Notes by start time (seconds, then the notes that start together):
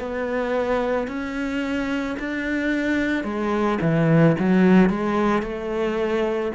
0.00 B3
1.08 C#4
2.19 D4
3.24 G#3
3.81 E3
4.39 F#3
4.90 G#3
5.42 A3